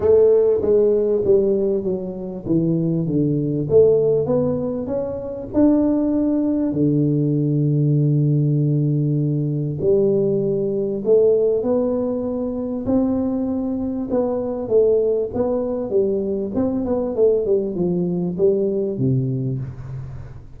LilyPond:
\new Staff \with { instrumentName = "tuba" } { \time 4/4 \tempo 4 = 98 a4 gis4 g4 fis4 | e4 d4 a4 b4 | cis'4 d'2 d4~ | d1 |
g2 a4 b4~ | b4 c'2 b4 | a4 b4 g4 c'8 b8 | a8 g8 f4 g4 c4 | }